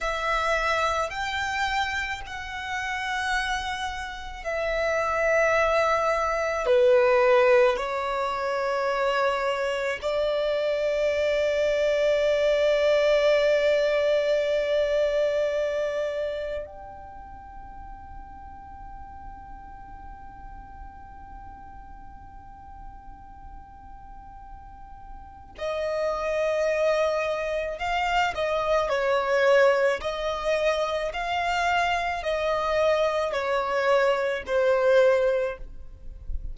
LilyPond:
\new Staff \with { instrumentName = "violin" } { \time 4/4 \tempo 4 = 54 e''4 g''4 fis''2 | e''2 b'4 cis''4~ | cis''4 d''2.~ | d''2. g''4~ |
g''1~ | g''2. dis''4~ | dis''4 f''8 dis''8 cis''4 dis''4 | f''4 dis''4 cis''4 c''4 | }